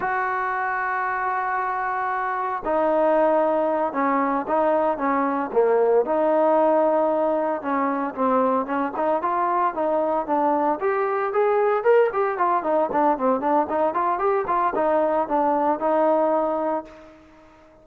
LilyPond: \new Staff \with { instrumentName = "trombone" } { \time 4/4 \tempo 4 = 114 fis'1~ | fis'4 dis'2~ dis'8 cis'8~ | cis'8 dis'4 cis'4 ais4 dis'8~ | dis'2~ dis'8 cis'4 c'8~ |
c'8 cis'8 dis'8 f'4 dis'4 d'8~ | d'8 g'4 gis'4 ais'8 g'8 f'8 | dis'8 d'8 c'8 d'8 dis'8 f'8 g'8 f'8 | dis'4 d'4 dis'2 | }